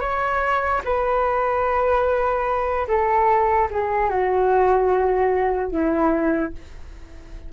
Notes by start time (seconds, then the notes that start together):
0.00 C#5
0.84 B4
2.87 A4
3.70 G#4
4.09 F#4
5.71 E4